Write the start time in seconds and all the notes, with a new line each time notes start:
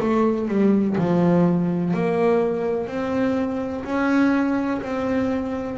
0.00 A3
0.48 G3
0.98 F3
1.94 A#3
2.87 C4
3.84 C#4
4.81 C4